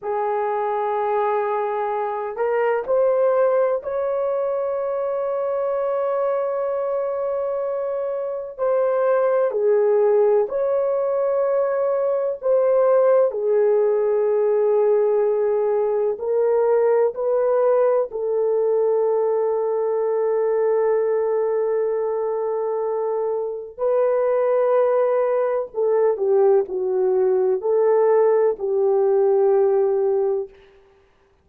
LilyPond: \new Staff \with { instrumentName = "horn" } { \time 4/4 \tempo 4 = 63 gis'2~ gis'8 ais'8 c''4 | cis''1~ | cis''4 c''4 gis'4 cis''4~ | cis''4 c''4 gis'2~ |
gis'4 ais'4 b'4 a'4~ | a'1~ | a'4 b'2 a'8 g'8 | fis'4 a'4 g'2 | }